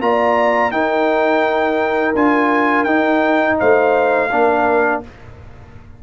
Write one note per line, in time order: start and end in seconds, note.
0.00 0.71 A#3
0.00 0.71 F4
0.00 0.73 D5
0.00 0.71 A#5
0.71 2.14 D#4
0.71 3.58 A#4
0.71 2.14 G5
2.14 2.84 D4
2.14 2.86 F4
2.14 2.84 G#5
2.84 3.56 D#4
2.84 4.29 D#4
2.84 3.55 G5
3.58 4.31 A3
3.58 4.30 C5
3.58 5.02 F5
4.31 5.03 A#3
4.31 5.03 D4
4.31 5.02 A#4